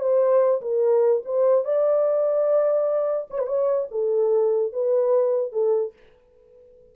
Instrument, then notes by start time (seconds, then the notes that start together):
horn
0.00 C5
0.62 A#4
1.25 C5
1.65 D5
3.30 C#5
3.39 B4
3.47 C#5
3.91 A4
4.73 B4
5.53 A4